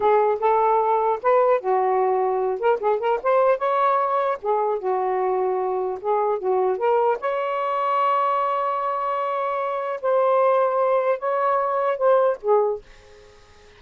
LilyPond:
\new Staff \with { instrumentName = "saxophone" } { \time 4/4 \tempo 4 = 150 gis'4 a'2 b'4 | fis'2~ fis'8 ais'8 gis'8 ais'8 | c''4 cis''2 gis'4 | fis'2. gis'4 |
fis'4 ais'4 cis''2~ | cis''1~ | cis''4 c''2. | cis''2 c''4 gis'4 | }